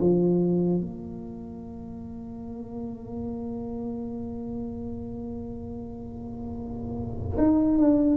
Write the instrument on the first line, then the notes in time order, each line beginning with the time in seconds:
tuba
0.00 F3
0.81 A#3
7.37 D#4
7.78 D4